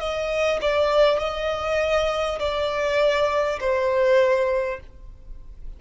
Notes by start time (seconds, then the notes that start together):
0.00 D#5
0.62 D5
1.19 D#5
2.39 D5
3.61 C5